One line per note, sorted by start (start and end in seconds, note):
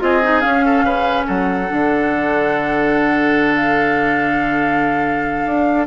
0.00 0.43 C4
0.00 0.21 F4
0.00 0.65 G#4
0.00 0.40 D#5
0.23 0.41 D#4
0.40 1.67 C#4
0.40 0.83 C#4
0.40 1.24 F5
0.65 0.84 A4
0.83 1.25 C#3
0.83 1.26 B4
1.27 1.70 F#3
1.27 5.87 A4
1.27 3.55 F#5
1.68 5.46 D3
1.68 5.87 D4
3.55 5.86 F5
5.46 5.87 D4